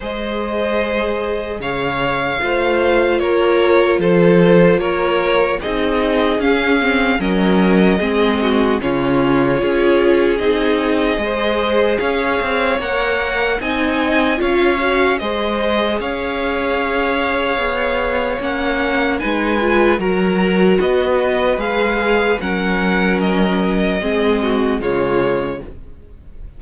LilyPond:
<<
  \new Staff \with { instrumentName = "violin" } { \time 4/4 \tempo 4 = 75 dis''2 f''2 | cis''4 c''4 cis''4 dis''4 | f''4 dis''2 cis''4~ | cis''4 dis''2 f''4 |
fis''4 gis''4 f''4 dis''4 | f''2. fis''4 | gis''4 ais''4 dis''4 f''4 | fis''4 dis''2 cis''4 | }
  \new Staff \with { instrumentName = "violin" } { \time 4/4 c''2 cis''4 c''4 | ais'4 a'4 ais'4 gis'4~ | gis'4 ais'4 gis'8 fis'8 f'4 | gis'2 c''4 cis''4~ |
cis''4 dis''4 cis''4 c''4 | cis''1 | b'4 ais'4 b'2 | ais'2 gis'8 fis'8 f'4 | }
  \new Staff \with { instrumentName = "viola" } { \time 4/4 gis'2. f'4~ | f'2. dis'4 | cis'8 c'8 cis'4 c'4 cis'4 | f'4 dis'4 gis'2 |
ais'4 dis'4 f'8 fis'8 gis'4~ | gis'2. cis'4 | dis'8 f'8 fis'2 gis'4 | cis'2 c'4 gis4 | }
  \new Staff \with { instrumentName = "cello" } { \time 4/4 gis2 cis4 a4 | ais4 f4 ais4 c'4 | cis'4 fis4 gis4 cis4 | cis'4 c'4 gis4 cis'8 c'8 |
ais4 c'4 cis'4 gis4 | cis'2 b4 ais4 | gis4 fis4 b4 gis4 | fis2 gis4 cis4 | }
>>